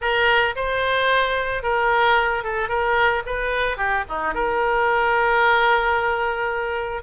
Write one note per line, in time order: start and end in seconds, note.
0.01 0.55 A#4
0.55 1.62 C5
1.62 2.43 A#4
2.43 2.68 A4
2.68 3.22 A#4
3.26 3.77 B4
3.77 4.04 G4
4.08 4.34 D#4
4.34 7.02 A#4